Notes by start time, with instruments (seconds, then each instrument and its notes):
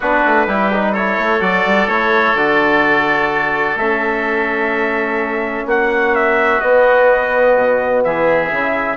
0.00 bassoon B3, trombone D4, oboe F#4, trumpet B4
0.25 bassoon A3
0.46 bassoon G3, trombone E4, oboe G4
0.73 trombone D#4
0.92 trombone E4, oboe A4, trumpet C#5
1.18 bassoon A3
1.40 bassoon F#3, trombone F#4, trumpet D5
1.65 bassoon G3
1.88 bassoon A3, trombone E4, trumpet C#5
2.34 bassoon D3, trombone F#4, trumpet D5
3.75 bassoon A3, trombone C#4, trumpet E5
5.65 bassoon A#3, oboe F#4, trumpet F#5
6.15 trumpet E5
6.61 trombone B3, bassoon B3, trumpet D#5
7.55 bassoon B2
8.04 bassoon E3, oboe G#4, trumpet E5
8.50 bassoon C#3, trombone E4